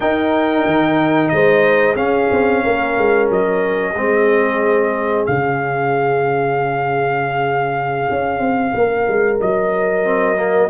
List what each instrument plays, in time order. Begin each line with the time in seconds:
0.00 trombone D#4, tuba D#4, horn A#4, trumpet G5
0.65 tuba D#3
1.28 tuba G#3, horn C5, trumpet D#5
1.95 tuba C#4, trombone C#4, horn G#4, trumpet F5
2.31 tuba C4
2.64 tuba A#3, horn A#4
2.97 tuba G#3
3.30 tuba F#3, trumpet D#5
3.93 tuba G#3, trombone C4, horn G#4
5.26 tuba C#3, trombone C#4, trumpet F5
8.10 tuba C#4
8.39 tuba C4
8.74 tuba A#3, horn A#4
9.07 tuba G#3
9.40 tuba F#3, trumpet D#5
10.04 trombone C4
10.36 trombone A#3